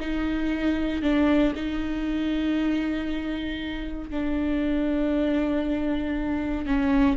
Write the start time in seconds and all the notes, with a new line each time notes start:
0.00 D#4
1.02 D4
1.56 D#4
4.10 D4
6.67 C#4